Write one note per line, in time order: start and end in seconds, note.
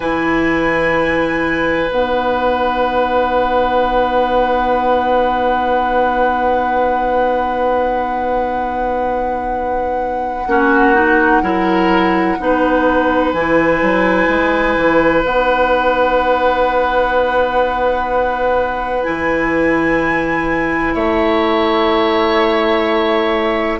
0.00 1.89 E3
0.00 1.88 E4
0.00 10.47 B4
0.00 1.90 G#5
1.88 10.46 B3
1.88 10.45 D#4
1.88 13.32 F#5
10.46 11.42 A#3
10.46 10.94 C#4
10.46 11.42 F#4
10.94 11.41 D#4
11.42 12.37 F#3
11.42 12.37 E4
11.42 12.37 A#4
12.39 13.33 B3
12.39 13.34 D#4
12.39 20.94 B4
13.32 13.81 E3
13.32 15.25 E4
13.32 15.22 G#5
13.82 14.28 F#3
14.28 14.76 G#3
14.76 15.24 E3
15.24 19.05 B3
15.24 19.03 D#4
15.24 19.03 F#5
19.03 20.94 E3
19.03 23.79 E4
19.03 20.93 G#5
20.94 23.79 A3
20.94 23.79 C#5
20.94 23.79 E5